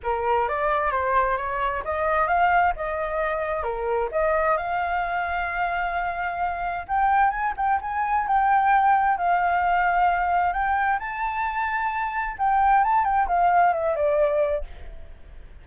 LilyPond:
\new Staff \with { instrumentName = "flute" } { \time 4/4 \tempo 4 = 131 ais'4 d''4 c''4 cis''4 | dis''4 f''4 dis''2 | ais'4 dis''4 f''2~ | f''2. g''4 |
gis''8 g''8 gis''4 g''2 | f''2. g''4 | a''2. g''4 | a''8 g''8 f''4 e''8 d''4. | }